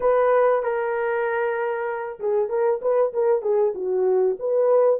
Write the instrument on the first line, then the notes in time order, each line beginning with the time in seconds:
horn
0.00 B4
0.62 A#4
2.19 G#4
2.49 A#4
2.81 B4
3.12 A#4
3.42 G#4
3.74 F#4
4.39 B4